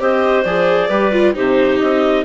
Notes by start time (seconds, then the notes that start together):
0.00 C4 G4 C5 D#5
0.43 F3 G#4 D5
0.88 G3 G4 B4
1.12 F4
1.34 C3 D#4 G4 C5
1.79 C4 D#5